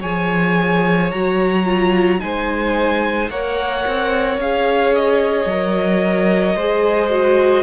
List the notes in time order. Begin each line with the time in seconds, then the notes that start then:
0.00 F3 G#4 C#5 G#5
1.11 F#3 F#4 A#5
1.65 F4
2.19 G#3 D#4 C5 G#5
3.30 A#3 A#4 C#5 F#5
3.87 C4
4.37 C#4 G#4 F5
4.95 D#5
5.45 F#3 A#4
6.55 G#3 G#4 C5
7.10 F#4